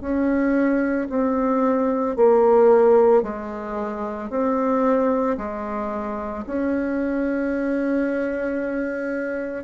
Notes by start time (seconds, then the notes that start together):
0.00 C#4
1.09 C4
2.16 A#3
3.22 G#3
4.30 C4
5.37 G#3
6.46 C#4